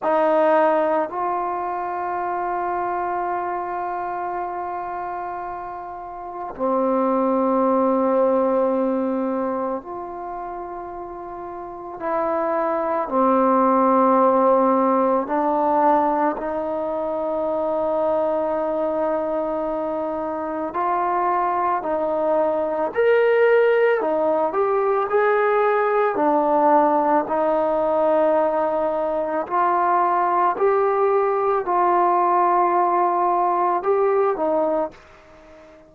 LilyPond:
\new Staff \with { instrumentName = "trombone" } { \time 4/4 \tempo 4 = 55 dis'4 f'2.~ | f'2 c'2~ | c'4 f'2 e'4 | c'2 d'4 dis'4~ |
dis'2. f'4 | dis'4 ais'4 dis'8 g'8 gis'4 | d'4 dis'2 f'4 | g'4 f'2 g'8 dis'8 | }